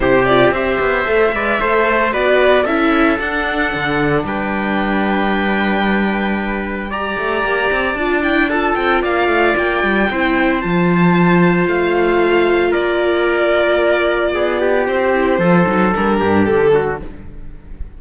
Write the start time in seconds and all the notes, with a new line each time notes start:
0.00 C3 E4 G4 C5
0.25 F4 D5
0.50 C4 G4 C5 E5
0.80 B3
1.04 A3 A4
1.33 G#3 B4 D5
1.59 A3 A4 C5
2.12 B3 F#4 B4 D5
2.63 C#4 E4 A4 E5
3.18 D4 F#5
3.74 D3
4.24 G3 B4 G5
6.89 G4 D5 A#5
7.18 A3
7.43 A#3
7.71 C4
7.94 D4 F4 A5
8.23 E4 G5
8.49 F4 A4 A5
8.75 C4 G5
9.02 A#3 D5 F5
9.27 A3
9.57 A#3 G5
9.83 G3
10.10 C4 E4 C5
10.61 F3 F4 A5
11.67 A3 F5
12.71 A#3 A#4 D5
14.33 B3 G#4
14.60 G4
14.87 C4 C5
15.14 E4
15.38 F3 F4 A4
15.66 F#3 D#4
15.95 G3 D4 A#4
16.19 G2 G4
16.45 D3 A4
16.74 F#4